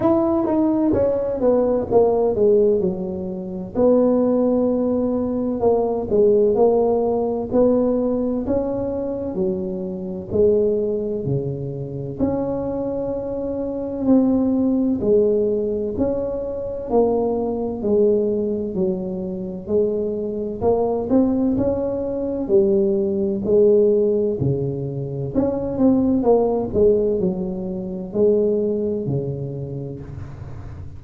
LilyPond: \new Staff \with { instrumentName = "tuba" } { \time 4/4 \tempo 4 = 64 e'8 dis'8 cis'8 b8 ais8 gis8 fis4 | b2 ais8 gis8 ais4 | b4 cis'4 fis4 gis4 | cis4 cis'2 c'4 |
gis4 cis'4 ais4 gis4 | fis4 gis4 ais8 c'8 cis'4 | g4 gis4 cis4 cis'8 c'8 | ais8 gis8 fis4 gis4 cis4 | }